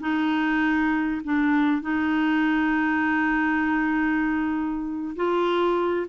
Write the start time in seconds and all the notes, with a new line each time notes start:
0.00 D#4
1.24 D4
1.82 D#4
5.15 F4